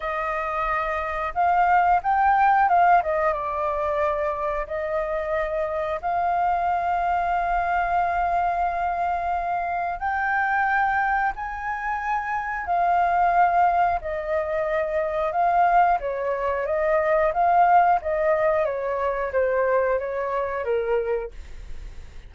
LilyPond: \new Staff \with { instrumentName = "flute" } { \time 4/4 \tempo 4 = 90 dis''2 f''4 g''4 | f''8 dis''8 d''2 dis''4~ | dis''4 f''2.~ | f''2. g''4~ |
g''4 gis''2 f''4~ | f''4 dis''2 f''4 | cis''4 dis''4 f''4 dis''4 | cis''4 c''4 cis''4 ais'4 | }